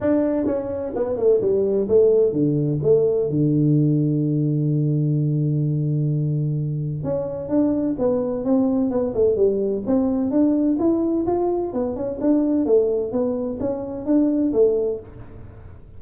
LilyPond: \new Staff \with { instrumentName = "tuba" } { \time 4/4 \tempo 4 = 128 d'4 cis'4 b8 a8 g4 | a4 d4 a4 d4~ | d1~ | d2. cis'4 |
d'4 b4 c'4 b8 a8 | g4 c'4 d'4 e'4 | f'4 b8 cis'8 d'4 a4 | b4 cis'4 d'4 a4 | }